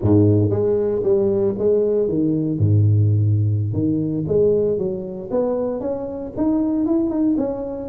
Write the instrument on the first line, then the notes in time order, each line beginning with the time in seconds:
tuba
0.01 G#2
0.50 G#3
1.03 G3
1.58 G#3
2.08 D#3
2.59 G#2
3.73 D#3
4.27 G#3
4.78 F#3
5.30 B3
5.80 C#4
6.36 D#4
6.85 E4
7.10 D#4
7.37 C#4